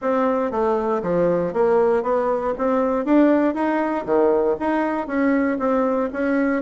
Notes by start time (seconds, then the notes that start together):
0.01 C4
0.51 A3
1.02 F3
1.53 A#3
2.02 B3
2.57 C4
3.05 D4
3.54 D#4
4.05 D#3
4.59 D#4
5.07 C#4
5.58 C4
6.12 C#4